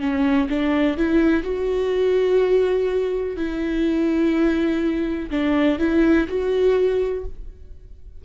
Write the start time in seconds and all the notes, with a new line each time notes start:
0.00 C#4
0.49 D4
0.97 E4
1.43 F#4
3.36 E4
5.30 D4
5.78 E4
6.28 F#4